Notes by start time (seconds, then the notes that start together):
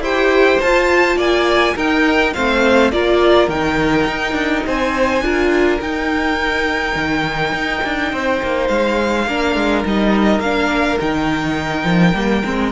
0.00 E4 G4 C5 G5
0.61 F4 A5
1.17 A#3 D5 G#5
1.76 D#4 A#4 G5
2.34 A3 C4 C5 F5
2.92 A#3 F4 A#4 D5
3.49 D#3 D#4 G5
4.08 D#4
4.33 D4
4.67 C4 C5 G#5
5.21 D4 F4 A#4
5.81 D#4 G5
6.96 D#3
7.53 D#4
7.84 D4
8.12 C4 C5
8.43 A#3
8.68 G#3 F5
9.27 A#3 D4 A#4
9.56 G#3
9.86 G3 D#4 D#5
10.40 A#3 D4 F5
11.00 D#3 D#4 G5
11.84 F3
12.14 G3 A#3
12.45 G#3 C4